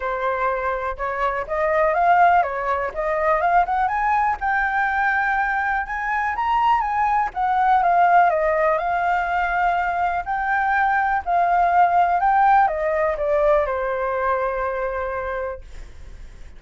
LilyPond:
\new Staff \with { instrumentName = "flute" } { \time 4/4 \tempo 4 = 123 c''2 cis''4 dis''4 | f''4 cis''4 dis''4 f''8 fis''8 | gis''4 g''2. | gis''4 ais''4 gis''4 fis''4 |
f''4 dis''4 f''2~ | f''4 g''2 f''4~ | f''4 g''4 dis''4 d''4 | c''1 | }